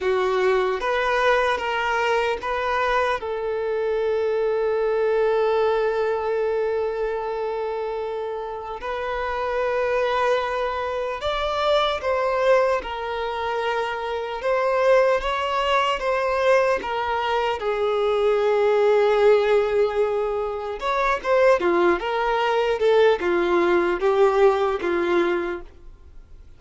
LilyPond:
\new Staff \with { instrumentName = "violin" } { \time 4/4 \tempo 4 = 75 fis'4 b'4 ais'4 b'4 | a'1~ | a'2. b'4~ | b'2 d''4 c''4 |
ais'2 c''4 cis''4 | c''4 ais'4 gis'2~ | gis'2 cis''8 c''8 f'8 ais'8~ | ais'8 a'8 f'4 g'4 f'4 | }